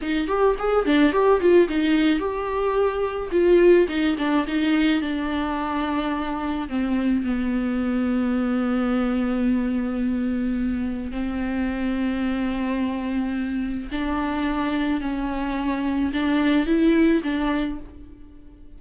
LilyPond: \new Staff \with { instrumentName = "viola" } { \time 4/4 \tempo 4 = 108 dis'8 g'8 gis'8 d'8 g'8 f'8 dis'4 | g'2 f'4 dis'8 d'8 | dis'4 d'2. | c'4 b2.~ |
b1 | c'1~ | c'4 d'2 cis'4~ | cis'4 d'4 e'4 d'4 | }